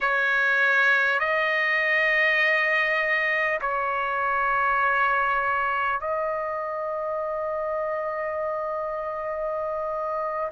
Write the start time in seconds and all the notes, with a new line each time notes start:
0.00 C#5
1.19 D#5
3.61 C#5
6.00 D#5